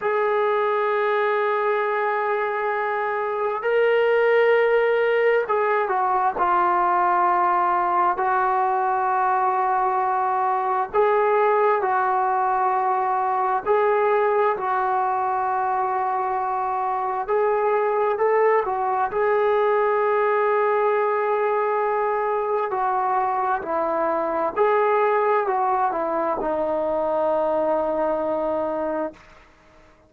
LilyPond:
\new Staff \with { instrumentName = "trombone" } { \time 4/4 \tempo 4 = 66 gis'1 | ais'2 gis'8 fis'8 f'4~ | f'4 fis'2. | gis'4 fis'2 gis'4 |
fis'2. gis'4 | a'8 fis'8 gis'2.~ | gis'4 fis'4 e'4 gis'4 | fis'8 e'8 dis'2. | }